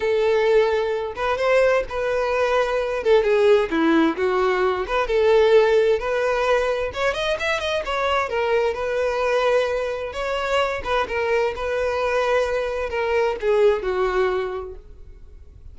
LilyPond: \new Staff \with { instrumentName = "violin" } { \time 4/4 \tempo 4 = 130 a'2~ a'8 b'8 c''4 | b'2~ b'8 a'8 gis'4 | e'4 fis'4. b'8 a'4~ | a'4 b'2 cis''8 dis''8 |
e''8 dis''8 cis''4 ais'4 b'4~ | b'2 cis''4. b'8 | ais'4 b'2. | ais'4 gis'4 fis'2 | }